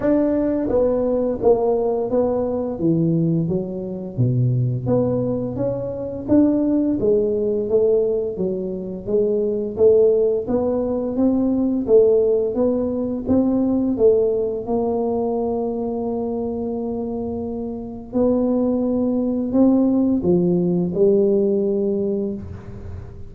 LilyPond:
\new Staff \with { instrumentName = "tuba" } { \time 4/4 \tempo 4 = 86 d'4 b4 ais4 b4 | e4 fis4 b,4 b4 | cis'4 d'4 gis4 a4 | fis4 gis4 a4 b4 |
c'4 a4 b4 c'4 | a4 ais2.~ | ais2 b2 | c'4 f4 g2 | }